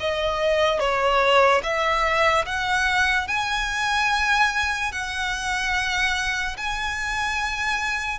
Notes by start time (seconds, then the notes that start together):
0.00 D#5
0.80 C#5
1.63 E5
2.46 F#5
3.28 G#5
4.92 F#5
6.58 G#5